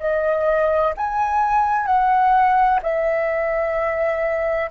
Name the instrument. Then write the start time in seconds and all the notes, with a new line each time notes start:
flute
0.00 D#5
0.98 G#5
1.87 F#5
2.83 E5